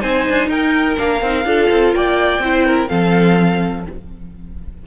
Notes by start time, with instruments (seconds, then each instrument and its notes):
0.00 cello C4, viola D#4, violin C5 G#5
0.30 cello D4
0.48 cello D#4, violin A#4 G5
0.97 cello A#3, viola D4, violin F5
1.22 cello C4, viola D#4
1.45 cello D4, viola F4, violin A4
1.71 cello C4
1.95 cello A#3, violin D5 G5
2.39 cello C4, viola E4, violin C5
2.67 violin A#4
2.88 cello F3, viola C4, violin A4 F5